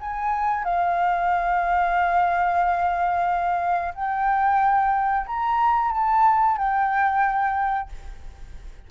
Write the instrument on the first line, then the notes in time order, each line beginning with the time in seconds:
flute
0.00 G#5
0.64 F5
3.94 G5
5.27 A#5
5.91 A5
6.57 G5